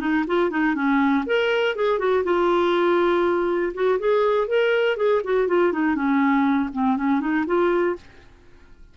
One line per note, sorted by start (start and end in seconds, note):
0.00 0.25 D#4
0.27 0.50 F4
0.50 0.75 D#4
0.75 1.24 C#4
1.26 1.75 A#4
1.75 1.99 G#4
1.99 2.24 F#4
2.24 3.73 F4
3.74 3.99 F#4
3.99 4.47 G#4
4.47 4.97 A#4
4.97 5.22 G#4
5.24 5.47 F#4
5.47 5.72 F4
5.72 5.95 D#4
5.95 6.70 C#4
6.73 6.97 C4
6.97 7.21 C#4
7.21 7.45 D#4
7.47 7.96 F4